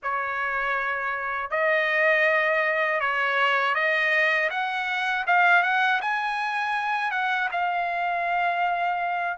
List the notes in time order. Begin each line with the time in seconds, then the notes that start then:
0.02 C#5
1.50 D#5
3.00 C#5
3.74 D#5
4.50 F#5
5.26 F5
5.62 F#5
6.01 G#5
7.11 F#5
7.51 F5